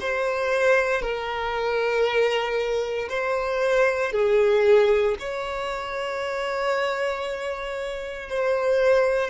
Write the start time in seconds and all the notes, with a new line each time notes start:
0.00 C5
1.02 A#4
3.09 C5
4.12 G#4
5.19 C#5
8.29 C5